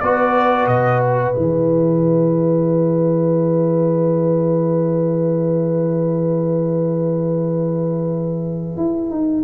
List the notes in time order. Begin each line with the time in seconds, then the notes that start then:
0.00 B3 F#4 B4 D5
0.67 B2 D#5
1.01 E5
1.35 E3 G#4
8.77 E4
9.10 D#4